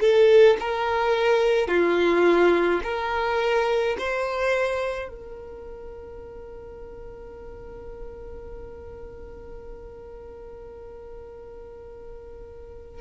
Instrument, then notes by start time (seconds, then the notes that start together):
violin
0.00 A4
0.60 A#4
1.68 F4
2.83 A#4
3.98 C5
5.09 A#4